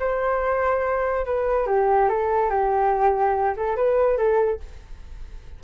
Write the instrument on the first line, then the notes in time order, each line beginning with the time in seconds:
flute
0.00 C5
1.26 B4
1.67 G4
2.10 A4
2.50 G4
3.57 A4
3.77 B4
4.18 A4